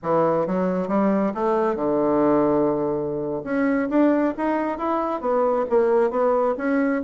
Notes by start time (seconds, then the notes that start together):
0.03 E3
0.46 F#3
0.88 G3
1.34 A3
1.75 D3
3.44 C#4
3.89 D4
4.37 D#4
4.78 E4
5.20 B3
5.69 A#3
6.10 B3
6.57 C#4